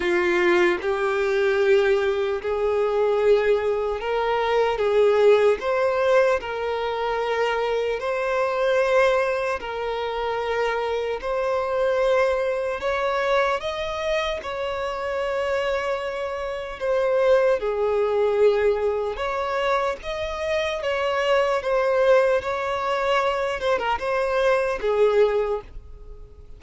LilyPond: \new Staff \with { instrumentName = "violin" } { \time 4/4 \tempo 4 = 75 f'4 g'2 gis'4~ | gis'4 ais'4 gis'4 c''4 | ais'2 c''2 | ais'2 c''2 |
cis''4 dis''4 cis''2~ | cis''4 c''4 gis'2 | cis''4 dis''4 cis''4 c''4 | cis''4. c''16 ais'16 c''4 gis'4 | }